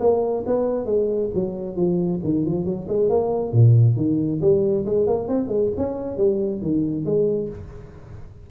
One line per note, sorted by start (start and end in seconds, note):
0.00 0.44 A#3
0.47 0.86 B3
0.86 1.30 G#3
1.34 1.76 F#3
1.76 2.20 F3
2.24 2.46 D#3
2.46 2.65 F3
2.65 2.87 F#3
2.88 3.09 G#3
3.09 3.53 A#3
3.53 3.97 A#2
3.97 4.41 D#3
4.41 4.85 G3
4.85 5.07 G#3
5.07 5.28 A#3
5.28 5.48 C4
5.48 5.70 G#3
5.77 6.17 C#4
6.17 6.62 G3
6.62 7.05 D#3
7.05 7.49 G#3